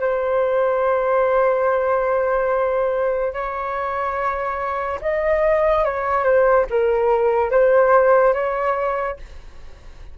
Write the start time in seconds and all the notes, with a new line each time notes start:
0.00 C5
3.33 C#5
5.01 D#5
5.84 C#5
6.24 C5
6.70 A#4
7.51 C5
8.34 C#5